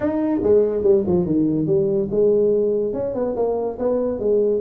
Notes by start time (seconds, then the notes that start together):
0.00 D#4
0.43 G#3
0.83 G3
1.06 F3
1.25 D#3
1.66 G3
2.11 G#3
2.93 C#4
3.14 B3
3.36 A#3
3.79 B3
4.19 G#3